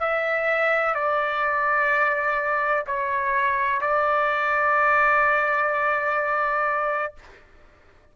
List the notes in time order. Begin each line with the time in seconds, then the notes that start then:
0.00 E5
0.95 D5
2.87 C#5
3.81 D5